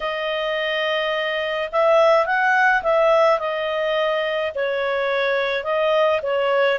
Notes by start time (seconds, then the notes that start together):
0.00 D#5
1.72 E5
2.25 F#5
2.83 E5
3.39 D#5
4.54 C#5
5.63 D#5
6.22 C#5